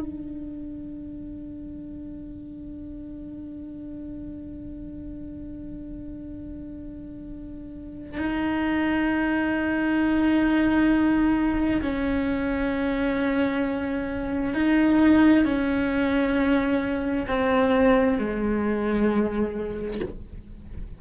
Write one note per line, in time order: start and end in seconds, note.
0.00 8.18 D4
8.18 11.82 D#4
11.82 14.55 C#4
14.55 15.45 D#4
15.45 17.27 C#4
17.28 18.19 C4
18.19 20.01 G#3